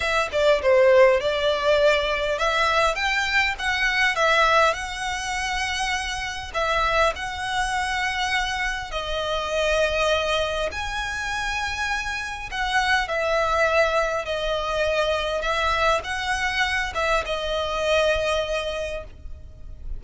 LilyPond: \new Staff \with { instrumentName = "violin" } { \time 4/4 \tempo 4 = 101 e''8 d''8 c''4 d''2 | e''4 g''4 fis''4 e''4 | fis''2. e''4 | fis''2. dis''4~ |
dis''2 gis''2~ | gis''4 fis''4 e''2 | dis''2 e''4 fis''4~ | fis''8 e''8 dis''2. | }